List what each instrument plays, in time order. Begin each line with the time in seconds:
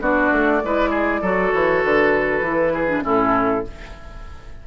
0.00 bassoon B3, clarinet D4, oboe F#4, flute D5
0.32 bassoon A3
0.63 bassoon G#3, clarinet E4, oboe B4
0.90 oboe G#4
1.21 bassoon F#3, clarinet F#4, oboe A4
1.53 bassoon E3, flute C#5
1.84 bassoon D3, flute B4
2.41 bassoon E3, clarinet E4
2.73 oboe G#4
2.87 clarinet D4
3.02 bassoon A2, clarinet C#4, oboe E4, flute A4